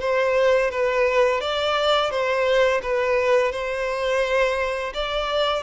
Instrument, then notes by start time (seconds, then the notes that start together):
violin
0.00 C5
0.71 B4
1.41 D5
2.11 C5
2.82 B4
3.52 C5
4.94 D5